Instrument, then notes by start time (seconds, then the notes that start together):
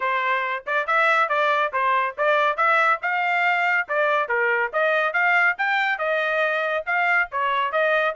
trumpet
0.00 C5
0.66 D5
0.86 E5
1.29 D5
1.73 C5
2.17 D5
2.56 E5
3.02 F5
3.88 D5
4.28 A#4
4.73 D#5
5.13 F5
5.58 G5
5.98 D#5
6.86 F5
7.31 C#5
7.72 D#5